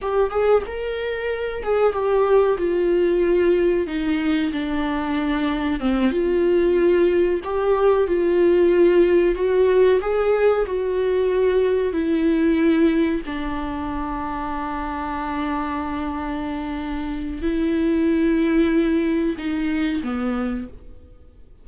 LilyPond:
\new Staff \with { instrumentName = "viola" } { \time 4/4 \tempo 4 = 93 g'8 gis'8 ais'4. gis'8 g'4 | f'2 dis'4 d'4~ | d'4 c'8 f'2 g'8~ | g'8 f'2 fis'4 gis'8~ |
gis'8 fis'2 e'4.~ | e'8 d'2.~ d'8~ | d'2. e'4~ | e'2 dis'4 b4 | }